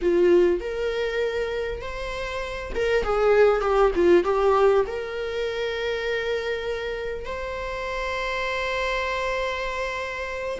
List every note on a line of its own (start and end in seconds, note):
0.01 0.60 F4
0.60 1.81 A#4
1.81 2.72 C5
2.75 3.03 A#4
3.03 3.61 G#4
3.61 3.91 G4
3.95 4.24 F4
4.24 4.84 G4
4.86 7.25 A#4
7.25 10.58 C5